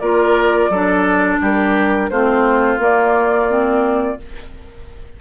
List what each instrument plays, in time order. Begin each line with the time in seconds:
0.00 bassoon A#3, clarinet F4, oboe A#4, flute D5
0.70 bassoon F#3, clarinet D4, oboe A4
1.42 bassoon G3, oboe G4, flute A#4
2.10 bassoon A3, clarinet C4, oboe F4, flute C5
2.79 clarinet A#3, bassoon A#3, flute D5
3.49 clarinet C4